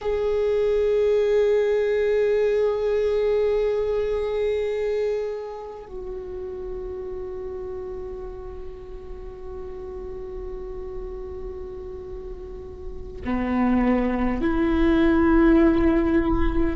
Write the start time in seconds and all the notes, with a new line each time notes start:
0.01 G#4
5.86 F#4
13.24 B3
14.41 E4